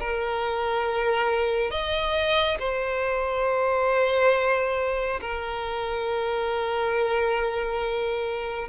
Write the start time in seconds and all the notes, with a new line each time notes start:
0.00 A#4
1.71 D#5
2.59 C5
5.21 A#4